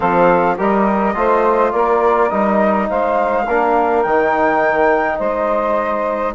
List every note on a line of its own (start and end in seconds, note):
0.00 0.58 F3
0.00 0.57 C4
0.00 0.56 A4
0.00 0.57 F5
0.57 1.15 G3
0.57 1.14 G4
0.57 1.14 A#4
0.57 1.72 D#5
1.14 1.72 A3
1.14 2.30 F4
1.14 1.72 C5
1.72 2.31 A#3
1.72 2.87 A#4
1.72 2.29 D5
2.29 2.89 G3
2.29 3.45 D#4
2.29 2.87 D#5
2.89 3.47 G#3
2.89 3.45 C5
2.89 4.02 F5
3.45 4.05 A#3
3.45 4.05 D4
3.45 5.18 A#4
4.02 5.19 D#3
4.02 6.34 D#4
4.02 5.18 G5
5.18 6.34 G#3
5.18 6.34 C5
5.18 6.33 D#5